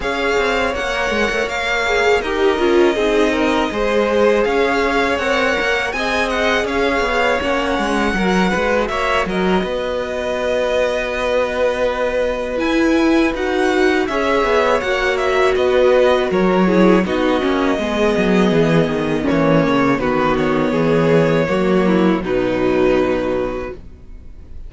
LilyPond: <<
  \new Staff \with { instrumentName = "violin" } { \time 4/4 \tempo 4 = 81 f''4 fis''4 f''4 dis''4~ | dis''2 f''4 fis''4 | gis''8 fis''8 f''4 fis''2 | e''8 dis''2.~ dis''8~ |
dis''4 gis''4 fis''4 e''4 | fis''8 e''8 dis''4 cis''4 dis''4~ | dis''2 cis''4 b'8 cis''8~ | cis''2 b'2 | }
  \new Staff \with { instrumentName = "violin" } { \time 4/4 cis''2. ais'4 | gis'8 ais'8 c''4 cis''2 | dis''4 cis''2 ais'8 b'8 | cis''8 ais'8 b'2.~ |
b'2. cis''4~ | cis''4 b'4 ais'8 gis'8 fis'4 | gis'2 cis'4 fis'4 | gis'4 fis'8 e'8 dis'2 | }
  \new Staff \with { instrumentName = "viola" } { \time 4/4 gis'4 ais'4. gis'8 g'8 f'8 | dis'4 gis'2 ais'4 | gis'2 cis'4 fis'4~ | fis'1~ |
fis'4 e'4 fis'4 gis'4 | fis'2~ fis'8 e'8 dis'8 cis'8 | b2 ais4 b4~ | b4 ais4 fis2 | }
  \new Staff \with { instrumentName = "cello" } { \time 4/4 cis'8 c'8 ais8 gis16 a16 ais4 dis'8 cis'8 | c'4 gis4 cis'4 c'8 ais8 | c'4 cis'8 b8 ais8 gis8 fis8 gis8 | ais8 fis8 b2.~ |
b4 e'4 dis'4 cis'8 b8 | ais4 b4 fis4 b8 ais8 | gis8 fis8 e8 dis8 e8 cis8 dis4 | e4 fis4 b,2 | }
>>